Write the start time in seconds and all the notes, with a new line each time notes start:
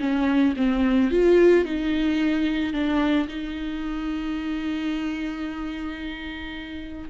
0.00 C#4
0.57 C4
1.11 F4
1.65 D#4
2.73 D4
3.29 D#4